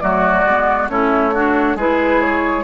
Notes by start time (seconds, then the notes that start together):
0.00 F#3 A3 F#4 D5
0.44 G#3 B3
0.89 A3 C#4 E4 C#5
1.34 D4 F#4
1.76 G#3 E4 G#4 B4
2.21 C#5